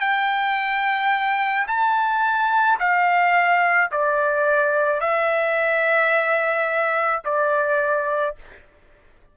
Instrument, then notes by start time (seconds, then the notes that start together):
trumpet
0.00 G5
1.67 A5
2.79 F5
3.91 D5
5.01 E5
7.25 D5